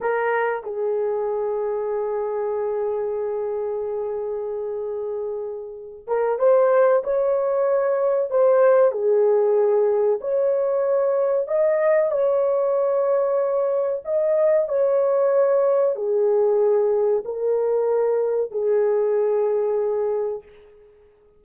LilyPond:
\new Staff \with { instrumentName = "horn" } { \time 4/4 \tempo 4 = 94 ais'4 gis'2.~ | gis'1~ | gis'4. ais'8 c''4 cis''4~ | cis''4 c''4 gis'2 |
cis''2 dis''4 cis''4~ | cis''2 dis''4 cis''4~ | cis''4 gis'2 ais'4~ | ais'4 gis'2. | }